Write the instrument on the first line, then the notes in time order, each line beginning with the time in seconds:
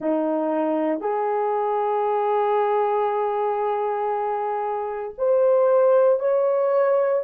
horn
0.00 D#4
1.00 G#4
5.18 C5
6.19 C#5